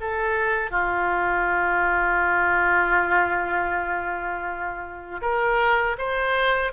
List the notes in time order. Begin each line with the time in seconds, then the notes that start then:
0.00 A4
0.71 F4
5.21 A#4
5.98 C5